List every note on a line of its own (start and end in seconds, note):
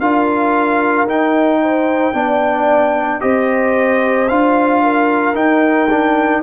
0.00 1.04 D4
0.00 1.08 F4
0.00 1.61 A#4
0.00 1.07 F5
1.04 2.12 D#4
1.04 2.14 D#4
1.04 3.21 G5
1.62 2.16 C5
2.14 3.21 B3
2.14 3.21 D4
2.14 3.23 D5
3.21 4.30 C4
3.21 4.28 G4
3.21 4.83 C5
3.21 4.28 D#5
4.28 5.34 D4
4.28 5.35 F4
4.28 5.35 F5
4.83 6.43 A#4
5.34 6.42 D#4
5.34 5.88 D#4
5.34 6.43 G5
5.90 6.43 D4